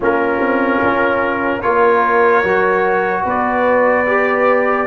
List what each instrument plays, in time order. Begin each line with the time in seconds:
0.00 tuba A#3, trombone C#4, horn F4, trumpet A#4
0.40 tuba C4
0.83 tuba C#4
1.61 tuba A#3, trombone F4, horn A#4, trumpet C#5
2.43 tuba F#3, trombone F#4
3.23 tuba B3, horn B4, trumpet D5
4.06 trombone G4